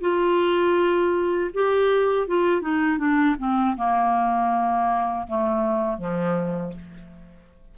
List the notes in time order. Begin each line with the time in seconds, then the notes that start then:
0.00 F4
1.53 G4
2.27 F4
2.61 D#4
2.98 D4
3.38 C4
3.76 A#3
5.27 A3
5.98 F3